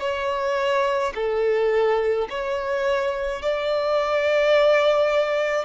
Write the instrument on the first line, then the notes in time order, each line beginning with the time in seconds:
violin
0.00 C#5
1.15 A4
2.30 C#5
3.42 D5